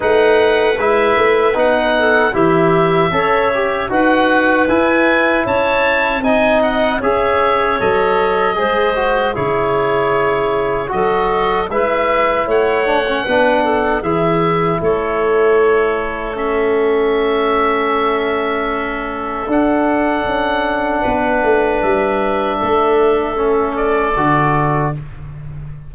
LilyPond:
<<
  \new Staff \with { instrumentName = "oboe" } { \time 4/4 \tempo 4 = 77 fis''4 e''4 fis''4 e''4~ | e''4 fis''4 gis''4 a''4 | gis''8 fis''8 e''4 dis''2 | cis''2 dis''4 e''4 |
fis''2 e''4 cis''4~ | cis''4 e''2.~ | e''4 fis''2. | e''2~ e''8 d''4. | }
  \new Staff \with { instrumentName = "clarinet" } { \time 4/4 b'2~ b'8 a'8 g'4 | cis''4 b'2 cis''4 | dis''4 cis''2 c''4 | gis'2 a'4 b'4 |
cis''4 b'8 a'8 gis'4 a'4~ | a'1~ | a'2. b'4~ | b'4 a'2. | }
  \new Staff \with { instrumentName = "trombone" } { \time 4/4 dis'4 e'4 dis'4 e'4 | a'8 g'8 fis'4 e'2 | dis'4 gis'4 a'4 gis'8 fis'8 | e'2 fis'4 e'4~ |
e'8 d'16 cis'16 d'4 e'2~ | e'4 cis'2.~ | cis'4 d'2.~ | d'2 cis'4 fis'4 | }
  \new Staff \with { instrumentName = "tuba" } { \time 4/4 a4 gis8 a8 b4 e4 | cis'4 dis'4 e'4 cis'4 | c'4 cis'4 fis4 gis4 | cis2 fis4 gis4 |
a4 b4 e4 a4~ | a1~ | a4 d'4 cis'4 b8 a8 | g4 a2 d4 | }
>>